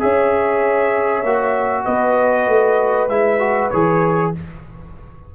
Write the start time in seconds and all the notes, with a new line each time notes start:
0.00 C#4 G#4 C#5 E5
1.24 A#3 F#4
1.85 B3 B4 D#5
2.48 A3
3.09 G#3 E4 E5
3.40 F#4
3.71 E3 G#4 C#5